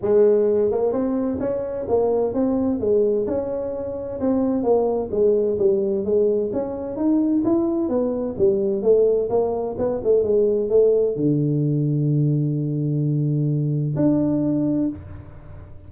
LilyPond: \new Staff \with { instrumentName = "tuba" } { \time 4/4 \tempo 4 = 129 gis4. ais8 c'4 cis'4 | ais4 c'4 gis4 cis'4~ | cis'4 c'4 ais4 gis4 | g4 gis4 cis'4 dis'4 |
e'4 b4 g4 a4 | ais4 b8 a8 gis4 a4 | d1~ | d2 d'2 | }